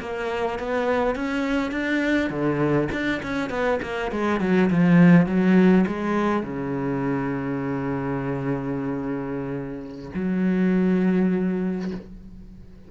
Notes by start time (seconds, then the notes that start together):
0.00 A#3
0.59 B3
1.15 C#4
1.71 D4
2.30 D3
2.91 D4
3.22 C#4
3.50 B3
3.82 A#3
4.11 G#3
4.40 F#3
4.70 F3
5.26 F#3
5.87 G#3
6.43 C#3
10.14 F#3